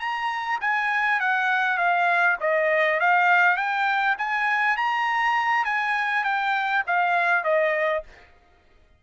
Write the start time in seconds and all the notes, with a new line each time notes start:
0.00 A#5
0.61 G#5
1.20 F#5
1.78 F5
2.41 D#5
3.00 F5
3.57 G5
4.19 G#5
4.77 A#5
5.65 G#5
6.24 G5
6.87 F5
7.44 D#5